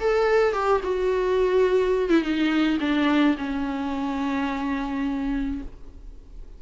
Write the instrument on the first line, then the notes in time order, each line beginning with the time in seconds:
viola
0.00 A4
0.53 G4
0.83 F#4
2.09 E4
2.21 D#4
2.80 D4
3.37 C#4